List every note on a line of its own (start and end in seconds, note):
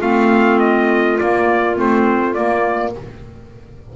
0.00 1.19 A3
0.00 1.19 C4
0.00 2.94 F4
0.00 0.60 F5
0.60 1.19 D#5
1.19 1.76 A#3
1.19 1.79 A#3
1.19 1.78 D5
1.76 2.37 A3
1.76 2.34 C4
1.76 2.34 C5
2.34 2.93 A#3
2.34 2.96 A#3
2.34 2.93 D5